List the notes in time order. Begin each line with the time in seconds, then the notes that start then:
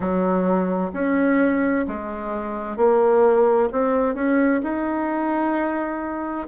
0.00 F#3
0.93 C#4
1.87 G#3
2.77 A#3
3.72 C4
4.15 C#4
4.63 D#4